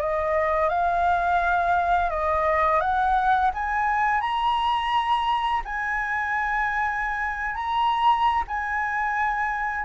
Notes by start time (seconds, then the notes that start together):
0.00 D#5
0.70 F5
2.10 D#5
2.80 F#5
3.54 G#5
4.21 A#5
5.65 G#5
7.56 A#5
8.48 G#5